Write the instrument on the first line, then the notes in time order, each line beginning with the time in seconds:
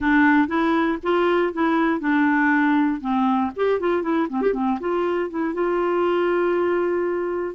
clarinet
0.00 D4
0.47 E4
1.02 F4
1.53 E4
2.00 D4
3.00 C4
3.55 G4
3.80 F4
4.02 E4
4.29 C4
4.41 G4
4.53 C4
4.79 F4
5.29 E4
5.53 F4